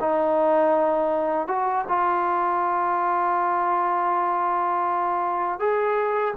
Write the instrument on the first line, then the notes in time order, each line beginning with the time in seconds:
trombone
0.00 D#4
1.48 F#4
1.88 F4
5.59 G#4